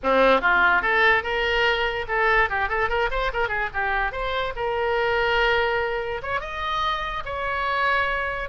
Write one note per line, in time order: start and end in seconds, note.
0.03 0.41 C4
0.41 0.82 F4
0.82 1.23 A4
1.23 2.05 A#4
2.08 2.49 A4
2.49 2.68 G4
2.68 2.89 A4
2.89 3.09 A#4
3.10 3.31 C5
3.33 3.48 A#4
3.48 3.69 G#4
3.73 4.12 G4
4.12 4.53 C5
4.56 6.21 A#4
6.22 6.40 C#5
6.40 7.23 D#5
7.25 8.49 C#5